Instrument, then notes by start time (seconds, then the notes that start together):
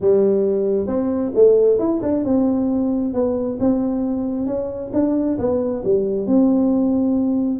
tuba
0.00 G3
0.86 C4
1.34 A3
1.78 E4
2.02 D4
2.24 C4
3.13 B3
3.60 C4
4.46 C#4
4.93 D4
5.38 B3
5.84 G3
6.26 C4